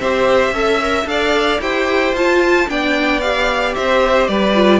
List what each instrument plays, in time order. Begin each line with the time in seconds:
0.00 cello C4, viola G4, violin C5 E5
0.51 cello C#4, viola A4, violin E5
0.82 viola A#4
1.05 cello D4, viola A4, violin D5 F5
1.61 cello E4, viola G4, violin C5 G5
2.13 cello F4, viola F4, violin A5
2.68 cello B3, viola D4, violin D5 G5
3.21 viola G4, violin F5
3.75 cello C4, violin C5 E5
4.27 cello G3, violin B4 D5
4.55 viola F4